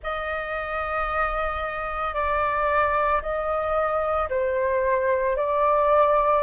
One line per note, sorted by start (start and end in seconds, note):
0.03 2.14 D#5
2.14 3.21 D5
3.21 4.29 D#5
4.29 5.36 C5
5.36 6.43 D5